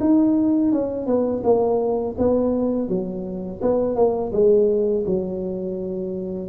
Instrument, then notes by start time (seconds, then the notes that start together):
tuba
0.00 D#4
0.72 C#4
1.06 B3
1.44 A#3
2.18 B3
2.88 F#3
3.62 B3
3.95 A#3
4.32 G#3
5.06 F#3